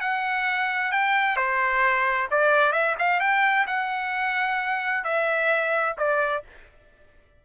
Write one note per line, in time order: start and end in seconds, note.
0.00 0.91 F#5
0.91 1.36 G5
1.36 2.28 C5
2.30 2.72 D5
2.72 2.95 E5
2.98 3.20 F5
3.20 3.65 G5
3.66 5.04 F#5
5.04 5.95 E5
5.97 6.43 D5